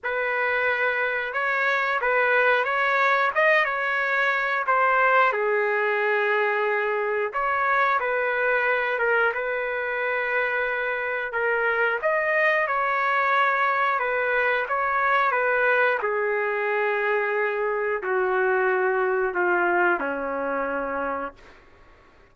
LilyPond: \new Staff \with { instrumentName = "trumpet" } { \time 4/4 \tempo 4 = 90 b'2 cis''4 b'4 | cis''4 dis''8 cis''4. c''4 | gis'2. cis''4 | b'4. ais'8 b'2~ |
b'4 ais'4 dis''4 cis''4~ | cis''4 b'4 cis''4 b'4 | gis'2. fis'4~ | fis'4 f'4 cis'2 | }